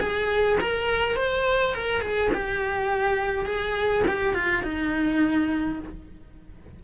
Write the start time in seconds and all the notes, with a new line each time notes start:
0.00 G#4
0.60 A#4
1.16 C5
1.74 A#4
2.01 G#4
2.34 G4
3.46 G#4
4.08 G4
4.34 F4
4.63 D#4